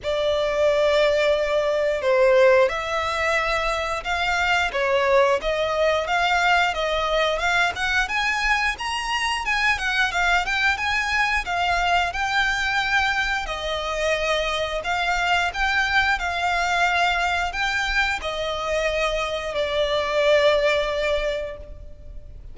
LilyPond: \new Staff \with { instrumentName = "violin" } { \time 4/4 \tempo 4 = 89 d''2. c''4 | e''2 f''4 cis''4 | dis''4 f''4 dis''4 f''8 fis''8 | gis''4 ais''4 gis''8 fis''8 f''8 g''8 |
gis''4 f''4 g''2 | dis''2 f''4 g''4 | f''2 g''4 dis''4~ | dis''4 d''2. | }